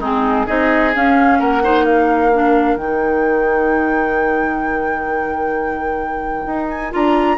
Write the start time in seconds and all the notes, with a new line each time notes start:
0.00 G#3 C4 D#4 G#4
0.46 C4 D#4 G#4 D#5
0.95 C#4 F5
1.40 A#3 A#4 F#5
1.63 D#4 C5
1.85 A#4 F5
2.34 D4
2.77 D#3 D#4 G5
6.47 D#4
6.69 G#5
6.92 D4 F4 A#5